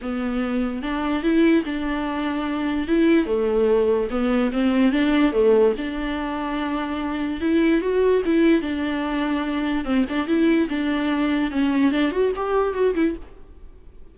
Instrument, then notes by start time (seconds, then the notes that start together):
viola
0.01 B3
0.82 D4
1.22 E4
1.65 D4
2.87 E4
3.26 A3
4.10 B3
4.52 C4
4.92 D4
5.32 A3
5.77 D4
7.40 E4
7.81 F#4
8.25 E4
8.61 D4
9.84 C4
10.09 D4
10.27 E4
10.69 D4
11.51 C#4
11.91 D4
12.11 F#4
12.35 G4
12.73 F#4
12.95 E4